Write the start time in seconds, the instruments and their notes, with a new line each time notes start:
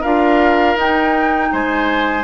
0.00 bassoon D4, clarinet F4, oboe A#4, flute F5
0.75 bassoon D#4, clarinet D#4, flute G5
1.52 bassoon G#3, oboe C5, flute G#5